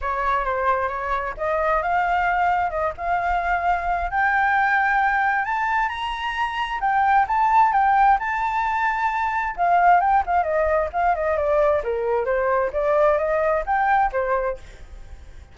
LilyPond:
\new Staff \with { instrumentName = "flute" } { \time 4/4 \tempo 4 = 132 cis''4 c''4 cis''4 dis''4 | f''2 dis''8 f''4.~ | f''4 g''2. | a''4 ais''2 g''4 |
a''4 g''4 a''2~ | a''4 f''4 g''8 f''8 dis''4 | f''8 dis''8 d''4 ais'4 c''4 | d''4 dis''4 g''4 c''4 | }